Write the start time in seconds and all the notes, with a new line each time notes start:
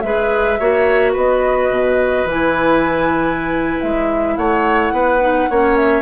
0.00 G#3 G#4 B4 E5
0.59 A#3 F#4 C#5
1.12 B3 B4 D#5
1.70 B2
2.25 E3 E4 G#5
3.81 G#3 E5
4.36 A3 C#5 F#5
4.91 B3 B4
5.20 D#4
5.50 A#3 C#4 C#5
5.77 E5